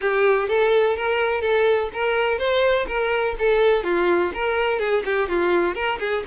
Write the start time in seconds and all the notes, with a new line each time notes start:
0.01 G4
0.48 A4
0.96 A#4
1.41 A4
1.93 A#4
2.38 C5
2.87 A#4
3.38 A4
3.83 F4
4.34 A#4
4.79 G#4
5.05 G4
5.28 F4
5.74 A#4
5.99 G#4